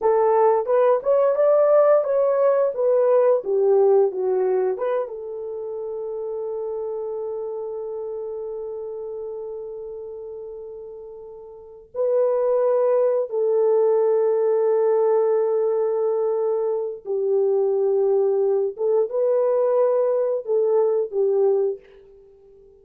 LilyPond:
\new Staff \with { instrumentName = "horn" } { \time 4/4 \tempo 4 = 88 a'4 b'8 cis''8 d''4 cis''4 | b'4 g'4 fis'4 b'8 a'8~ | a'1~ | a'1~ |
a'4. b'2 a'8~ | a'1~ | a'4 g'2~ g'8 a'8 | b'2 a'4 g'4 | }